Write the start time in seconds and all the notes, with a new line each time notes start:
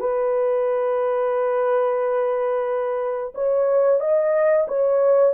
0.00 B4
3.35 C#5
4.00 D#5
4.68 C#5